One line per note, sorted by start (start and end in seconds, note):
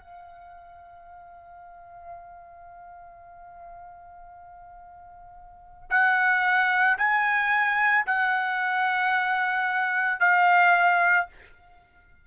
0.00 5.89 F5
5.91 6.98 F#5
6.98 8.06 G#5
8.07 10.20 F#5
10.20 11.27 F5